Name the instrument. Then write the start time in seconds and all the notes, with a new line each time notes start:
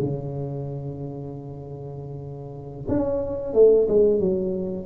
tuba
0.00 C#3
2.88 C#4
3.53 A3
3.88 G#3
4.20 F#3